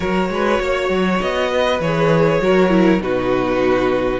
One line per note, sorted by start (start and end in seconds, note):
0.00 0.29 F#3
0.00 1.80 F#4
0.00 0.30 A#4
0.00 1.20 C#5
0.29 0.59 G#3
0.29 0.62 B4
0.60 0.89 A#3
0.60 1.50 C#5
0.89 1.19 F#3
1.20 1.79 B3
1.20 1.80 D#5
1.50 2.40 B4
1.79 2.39 E3
1.79 2.42 G#4
1.79 3.01 C#5
2.41 3.00 F#3
2.41 2.70 F#4
2.41 3.02 A#4
2.70 3.00 E4
3.00 4.19 B2
3.00 4.19 D#4
3.00 4.19 F#4
3.00 4.19 B4